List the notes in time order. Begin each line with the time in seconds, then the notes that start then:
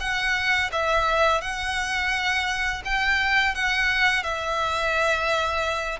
0.00 F#5
0.72 E5
1.41 F#5
2.85 G5
3.55 F#5
4.23 E5